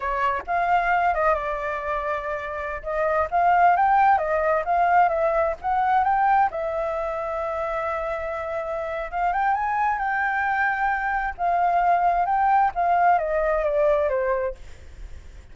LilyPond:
\new Staff \with { instrumentName = "flute" } { \time 4/4 \tempo 4 = 132 cis''4 f''4. dis''8 d''4~ | d''2~ d''16 dis''4 f''8.~ | f''16 g''4 dis''4 f''4 e''8.~ | e''16 fis''4 g''4 e''4.~ e''16~ |
e''1 | f''8 g''8 gis''4 g''2~ | g''4 f''2 g''4 | f''4 dis''4 d''4 c''4 | }